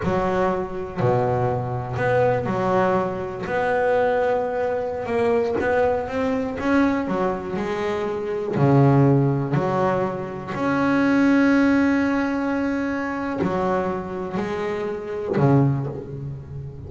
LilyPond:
\new Staff \with { instrumentName = "double bass" } { \time 4/4 \tempo 4 = 121 fis2 b,2 | b4 fis2 b4~ | b2~ b16 ais4 b8.~ | b16 c'4 cis'4 fis4 gis8.~ |
gis4~ gis16 cis2 fis8.~ | fis4~ fis16 cis'2~ cis'8.~ | cis'2. fis4~ | fis4 gis2 cis4 | }